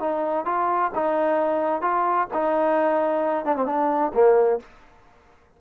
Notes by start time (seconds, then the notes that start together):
0.00 D#4
0.45 F4
0.95 D#4
1.82 F4
2.34 D#4
3.45 D4
3.56 C4
3.66 D4
4.14 A#3